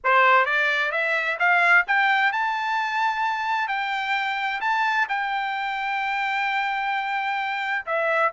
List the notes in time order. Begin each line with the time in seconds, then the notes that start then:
0.03 C5
0.45 D5
0.91 E5
1.39 F5
1.87 G5
2.32 A5
3.68 G5
4.60 A5
5.09 G5
7.86 E5